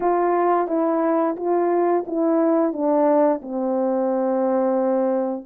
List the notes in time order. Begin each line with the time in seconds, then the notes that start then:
0.00 F4
0.67 E4
1.36 F4
2.06 E4
2.72 D4
3.42 C4